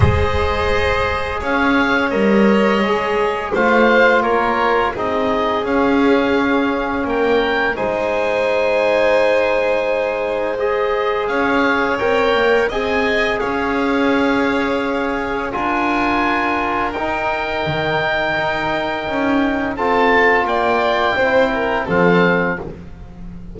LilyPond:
<<
  \new Staff \with { instrumentName = "oboe" } { \time 4/4 \tempo 4 = 85 dis''2 f''4 dis''4~ | dis''4 f''4 cis''4 dis''4 | f''2 g''4 gis''4~ | gis''2. dis''4 |
f''4 g''4 gis''4 f''4~ | f''2 gis''2 | g''1 | a''4 g''2 f''4 | }
  \new Staff \with { instrumentName = "violin" } { \time 4/4 c''2 cis''2~ | cis''4 c''4 ais'4 gis'4~ | gis'2 ais'4 c''4~ | c''1 |
cis''2 dis''4 cis''4~ | cis''2 ais'2~ | ais'1 | a'4 d''4 c''8 ais'8 a'4 | }
  \new Staff \with { instrumentName = "trombone" } { \time 4/4 gis'2. ais'4 | gis'4 f'2 dis'4 | cis'2. dis'4~ | dis'2. gis'4~ |
gis'4 ais'4 gis'2~ | gis'2 f'2 | dis'1 | f'2 e'4 c'4 | }
  \new Staff \with { instrumentName = "double bass" } { \time 4/4 gis2 cis'4 g4 | gis4 a4 ais4 c'4 | cis'2 ais4 gis4~ | gis1 |
cis'4 c'8 ais8 c'4 cis'4~ | cis'2 d'2 | dis'4 dis4 dis'4 cis'4 | c'4 ais4 c'4 f4 | }
>>